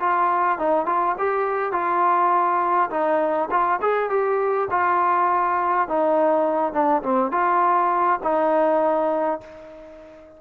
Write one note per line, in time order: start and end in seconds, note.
0.00 0.59 F4
0.59 0.86 D#4
0.86 1.16 F4
1.18 1.72 G4
1.72 2.90 F4
2.90 3.49 D#4
3.51 3.80 F4
3.82 4.10 G#4
4.10 4.69 G4
4.71 5.88 F4
5.88 6.73 D#4
6.73 7.02 D4
7.03 7.32 C4
7.32 8.20 F4
8.23 9.41 D#4